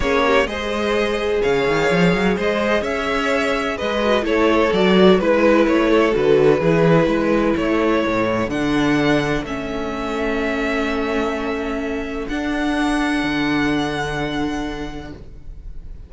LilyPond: <<
  \new Staff \with { instrumentName = "violin" } { \time 4/4 \tempo 4 = 127 cis''4 dis''2 f''4~ | f''4 dis''4 e''2 | dis''4 cis''4 d''4 b'4 | cis''4 b'2. |
cis''2 fis''2 | e''1~ | e''2 fis''2~ | fis''1 | }
  \new Staff \with { instrumentName = "violin" } { \time 4/4 gis'8 g'8 c''2 cis''4~ | cis''4 c''4 cis''2 | b'4 a'2 b'4~ | b'8 a'4. gis'4 b'4 |
a'1~ | a'1~ | a'1~ | a'1 | }
  \new Staff \with { instrumentName = "viola" } { \time 4/4 cis'4 gis'2.~ | gis'1~ | gis'8 fis'8 e'4 fis'4 e'4~ | e'4 fis'4 e'2~ |
e'2 d'2 | cis'1~ | cis'2 d'2~ | d'1 | }
  \new Staff \with { instrumentName = "cello" } { \time 4/4 ais4 gis2 cis8 dis8 | f8 fis8 gis4 cis'2 | gis4 a4 fis4 gis4 | a4 d4 e4 gis4 |
a4 a,4 d2 | a1~ | a2 d'2 | d1 | }
>>